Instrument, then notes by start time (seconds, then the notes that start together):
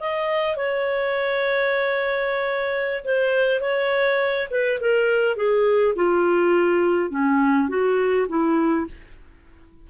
clarinet
0.00 D#5
0.56 C#5
3.04 C5
3.61 C#5
4.51 B4
4.80 A#4
5.36 G#4
5.95 F4
7.10 C#4
7.69 F#4
8.29 E4